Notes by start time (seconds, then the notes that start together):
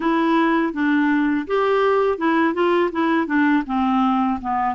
0.00 E4
0.73 D4
1.47 G4
2.18 E4
2.53 F4
2.91 E4
3.26 D4
3.66 C4
4.41 B3